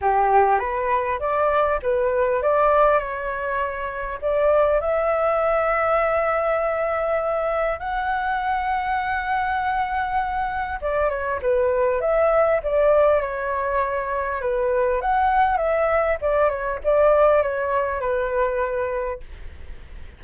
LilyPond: \new Staff \with { instrumentName = "flute" } { \time 4/4 \tempo 4 = 100 g'4 b'4 d''4 b'4 | d''4 cis''2 d''4 | e''1~ | e''4 fis''2.~ |
fis''2 d''8 cis''8 b'4 | e''4 d''4 cis''2 | b'4 fis''4 e''4 d''8 cis''8 | d''4 cis''4 b'2 | }